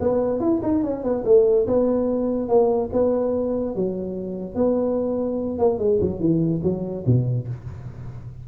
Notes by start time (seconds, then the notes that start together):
0.00 B3
0.40 E4
0.63 D#4
0.83 C#4
1.03 B3
1.25 A3
1.67 B3
2.48 A#3
2.92 B3
3.75 F#3
4.55 B3
5.58 A#3
5.78 G#3
6.01 F#3
6.20 E3
6.63 F#3
7.06 B2